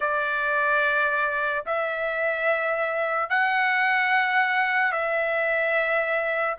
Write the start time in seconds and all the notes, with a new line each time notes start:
0.00 D5
1.66 E5
3.29 F#5
4.92 E5